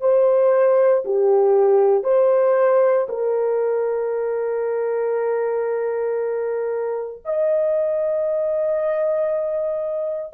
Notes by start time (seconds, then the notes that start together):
0.00 C5
1.04 G4
2.03 C5
3.08 A#4
7.24 D#5